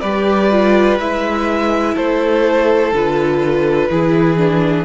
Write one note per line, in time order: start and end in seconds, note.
0.00 0.99 G3
0.00 0.51 G4
0.00 1.94 B4
0.00 0.97 D5
0.51 0.99 F4
0.99 1.96 G#3
0.99 2.94 E4
0.99 1.96 E5
1.94 2.92 A3
1.94 3.88 A4
1.94 2.93 C5
2.92 3.89 D3
2.92 3.90 F4
2.92 4.85 B4
3.90 4.85 E3
3.90 4.37 E4
3.90 4.85 G#4
4.37 4.85 D4